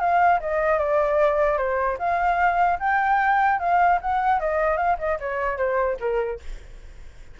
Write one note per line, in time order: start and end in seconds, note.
0.00 0.40 F5
0.40 0.79 D#5
0.79 1.57 D5
1.57 1.97 C5
1.99 2.79 F5
2.80 3.59 G5
3.59 3.99 F5
4.02 4.40 F#5
4.40 4.77 D#5
4.77 4.97 F5
4.99 5.19 D#5
5.20 5.58 C#5
5.58 5.98 C5
6.00 6.40 A#4